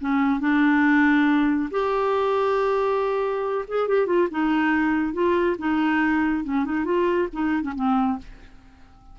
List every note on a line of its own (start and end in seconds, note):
0.00 0.40 C#4
0.40 1.69 D4
1.71 3.65 G4
3.67 3.88 G#4
3.88 4.06 G4
4.06 4.28 F4
4.30 5.13 D#4
5.13 5.56 F4
5.58 6.44 D#4
6.44 6.65 C#4
6.65 6.84 D#4
6.84 7.28 F4
7.32 7.62 D#4
7.62 7.73 C#4
7.75 8.18 C4